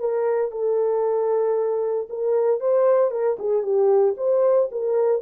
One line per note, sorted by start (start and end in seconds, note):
0.00 0.52 A#4
0.52 2.08 A4
2.10 2.61 A#4
2.61 3.12 C5
3.12 3.38 A#4
3.39 3.63 G#4
3.63 4.15 G4
4.18 4.70 C5
4.72 5.22 A#4